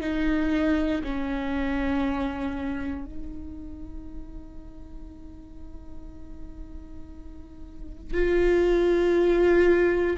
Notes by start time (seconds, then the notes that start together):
0.00 D#4
1.04 C#4
3.05 D#4
8.14 F4